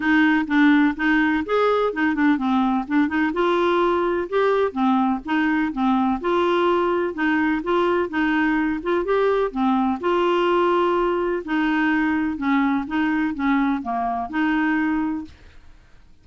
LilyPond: \new Staff \with { instrumentName = "clarinet" } { \time 4/4 \tempo 4 = 126 dis'4 d'4 dis'4 gis'4 | dis'8 d'8 c'4 d'8 dis'8 f'4~ | f'4 g'4 c'4 dis'4 | c'4 f'2 dis'4 |
f'4 dis'4. f'8 g'4 | c'4 f'2. | dis'2 cis'4 dis'4 | cis'4 ais4 dis'2 | }